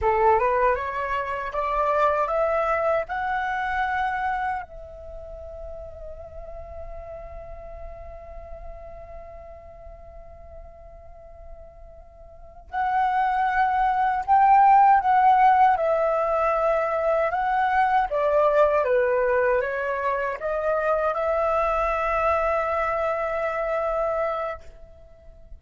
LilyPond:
\new Staff \with { instrumentName = "flute" } { \time 4/4 \tempo 4 = 78 a'8 b'8 cis''4 d''4 e''4 | fis''2 e''2~ | e''1~ | e''1~ |
e''8 fis''2 g''4 fis''8~ | fis''8 e''2 fis''4 d''8~ | d''8 b'4 cis''4 dis''4 e''8~ | e''1 | }